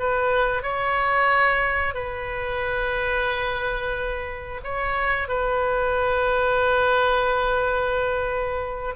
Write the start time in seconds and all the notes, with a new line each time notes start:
0.00 B4
0.63 C#5
1.95 B4
4.64 C#5
5.29 B4